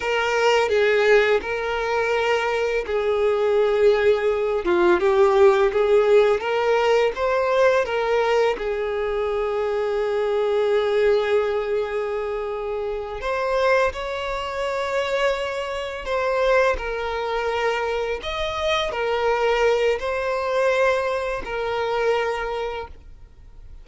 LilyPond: \new Staff \with { instrumentName = "violin" } { \time 4/4 \tempo 4 = 84 ais'4 gis'4 ais'2 | gis'2~ gis'8 f'8 g'4 | gis'4 ais'4 c''4 ais'4 | gis'1~ |
gis'2~ gis'8 c''4 cis''8~ | cis''2~ cis''8 c''4 ais'8~ | ais'4. dis''4 ais'4. | c''2 ais'2 | }